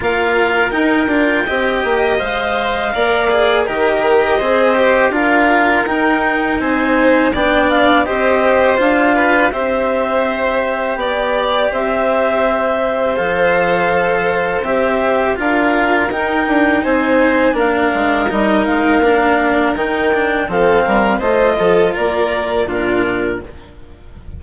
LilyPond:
<<
  \new Staff \with { instrumentName = "clarinet" } { \time 4/4 \tempo 4 = 82 f''4 g''2 f''4~ | f''4 dis''2 f''4 | g''4 gis''4 g''8 f''8 dis''4 | f''4 e''2 d''4 |
e''2 f''2 | e''4 f''4 g''4 gis''4 | f''4 dis''8 f''4. g''4 | f''4 dis''4 d''4 ais'4 | }
  \new Staff \with { instrumentName = "violin" } { \time 4/4 ais'2 dis''2 | d''4 ais'4 c''4 ais'4~ | ais'4 c''4 d''4 c''4~ | c''8 b'8 c''2 d''4 |
c''1~ | c''4 ais'2 c''4 | ais'1 | a'8 ais'8 c''8 a'8 ais'4 f'4 | }
  \new Staff \with { instrumentName = "cello" } { \time 4/4 f'4 dis'8 f'8 g'4 c''4 | ais'8 gis'8 g'4 gis'8 g'8 f'4 | dis'2 d'4 g'4 | f'4 g'2.~ |
g'2 a'2 | g'4 f'4 dis'2 | d'4 dis'4 d'4 dis'8 d'8 | c'4 f'2 d'4 | }
  \new Staff \with { instrumentName = "bassoon" } { \time 4/4 ais4 dis'8 d'8 c'8 ais8 gis4 | ais4 dis4 c'4 d'4 | dis'4 c'4 b4 c'4 | d'4 c'2 b4 |
c'2 f2 | c'4 d'4 dis'8 d'8 c'4 | ais8 gis8 g8 gis8 ais4 dis4 | f8 g8 a8 f8 ais4 ais,4 | }
>>